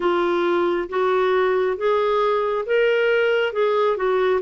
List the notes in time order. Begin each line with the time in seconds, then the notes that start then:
0.00 F4
0.89 F#4
1.76 G#4
2.66 A#4
3.53 G#4
3.96 F#4